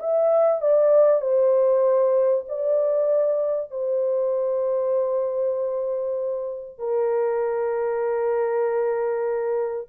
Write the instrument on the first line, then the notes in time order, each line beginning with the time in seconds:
horn
0.00 E5
0.62 D5
1.21 C5
2.49 D5
3.71 C5
6.79 A#4